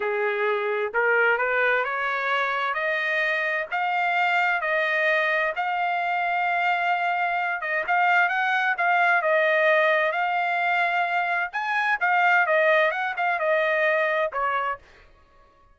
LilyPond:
\new Staff \with { instrumentName = "trumpet" } { \time 4/4 \tempo 4 = 130 gis'2 ais'4 b'4 | cis''2 dis''2 | f''2 dis''2 | f''1~ |
f''8 dis''8 f''4 fis''4 f''4 | dis''2 f''2~ | f''4 gis''4 f''4 dis''4 | fis''8 f''8 dis''2 cis''4 | }